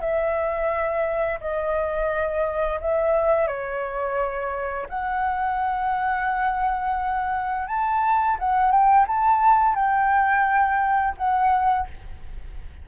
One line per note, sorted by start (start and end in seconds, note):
0.00 1.40 E5
1.40 2.80 D#5
2.81 3.48 E5
3.48 4.87 C#5
4.89 7.67 F#5
7.67 8.37 A5
8.39 8.71 F#5
8.71 9.06 G5
9.07 9.75 A5
9.75 11.15 G5
11.18 11.87 F#5